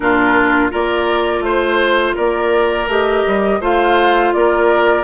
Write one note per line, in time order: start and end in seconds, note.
0.00 0.72 A#2
0.00 0.70 D4
0.00 0.71 F4
0.00 0.69 A#4
0.70 1.40 A#3
0.70 2.87 F4
0.70 1.43 A#4
0.70 1.43 D5
1.40 2.12 A3
1.40 2.16 C5
1.40 2.15 C5
2.15 2.87 A#3
2.15 3.60 A#4
2.15 2.89 D5
2.87 3.23 A3
2.87 3.61 G4
2.87 3.62 D#5
3.26 3.60 G3
3.60 4.32 A3
3.60 5.03 F4
3.60 4.33 C5
3.60 4.33 F5
4.33 5.03 A#3
4.33 5.03 A#4
4.33 5.03 D5